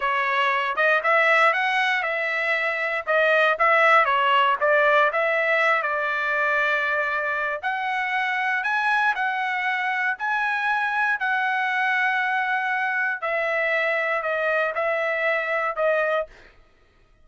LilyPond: \new Staff \with { instrumentName = "trumpet" } { \time 4/4 \tempo 4 = 118 cis''4. dis''8 e''4 fis''4 | e''2 dis''4 e''4 | cis''4 d''4 e''4. d''8~ | d''2. fis''4~ |
fis''4 gis''4 fis''2 | gis''2 fis''2~ | fis''2 e''2 | dis''4 e''2 dis''4 | }